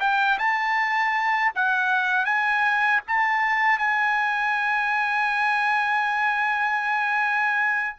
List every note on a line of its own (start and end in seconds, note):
0.00 0.38 G5
0.38 1.52 A5
1.55 2.25 F#5
2.25 3.01 G#5
3.08 3.78 A5
3.78 7.96 G#5